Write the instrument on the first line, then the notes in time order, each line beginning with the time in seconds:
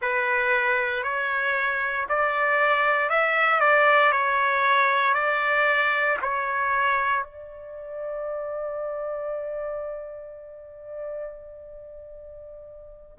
trumpet
0.01 B4
1.03 C#5
2.08 D5
3.09 E5
3.60 D5
4.11 C#5
5.14 D5
6.22 C#5
7.23 D5